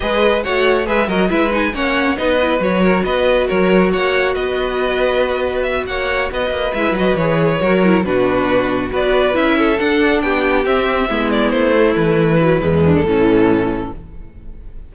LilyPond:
<<
  \new Staff \with { instrumentName = "violin" } { \time 4/4 \tempo 4 = 138 dis''4 fis''4 e''8 dis''8 e''8 gis''8 | fis''4 dis''4 cis''4 dis''4 | cis''4 fis''4 dis''2~ | dis''4 e''8 fis''4 dis''4 e''8 |
dis''8 cis''2 b'4.~ | b'8 d''4 e''4 fis''4 g''8~ | g''8 e''4. d''8 c''4 b'8~ | b'4.~ b'16 a'2~ a'16 | }
  \new Staff \with { instrumentName = "violin" } { \time 4/4 b'4 cis''4 b'8 ais'8 b'4 | cis''4 b'4. ais'8 b'4 | ais'4 cis''4 b'2~ | b'4. cis''4 b'4.~ |
b'4. ais'4 fis'4.~ | fis'8 b'4. a'4. g'8~ | g'4. e'2~ e'8~ | e'4. d'8 cis'2 | }
  \new Staff \with { instrumentName = "viola" } { \time 4/4 gis'4 fis'4 gis'8 fis'8 e'8 dis'8 | cis'4 dis'8 e'8 fis'2~ | fis'1~ | fis'2.~ fis'8 e'8 |
fis'8 gis'4 fis'8 e'8 d'4.~ | d'8 fis'4 e'4 d'4.~ | d'8 c'4 b4. a4~ | a8 fis8 gis4 e2 | }
  \new Staff \with { instrumentName = "cello" } { \time 4/4 gis4 a4 gis8 fis8 gis4 | ais4 b4 fis4 b4 | fis4 ais4 b2~ | b4. ais4 b8 ais8 gis8 |
fis8 e4 fis4 b,4.~ | b,8 b4 cis'4 d'4 b8~ | b8 c'4 gis4 a4 e8~ | e4 e,4 a,2 | }
>>